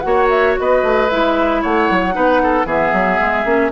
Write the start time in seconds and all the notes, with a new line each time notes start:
0.00 A#3 F#4 F#5
0.06 C#5
0.29 E5
0.59 B3 B4 D#5
0.82 A3
1.09 G#3 E4 E5
1.61 A3 C#5 F#5
1.90 F#3
2.12 B3 D#4 B4
2.43 A4
2.65 E3 B3 G#4 E5
2.93 F#3
3.20 G#3
3.44 A#3 C#4